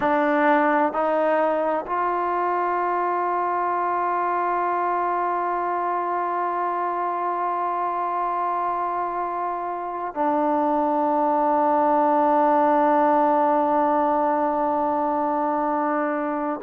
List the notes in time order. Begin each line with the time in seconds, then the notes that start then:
0.00 D4
0.92 D#4
1.86 F4
10.14 D4